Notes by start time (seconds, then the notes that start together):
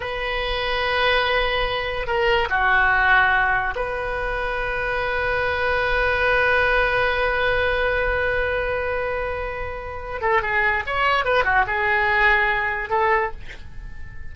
0.00 B4
2.06 A#4
2.49 F#4
3.75 B4
10.21 A4
10.41 G#4
10.86 C#5
11.24 B4
11.44 F#4
11.66 G#4
12.89 A4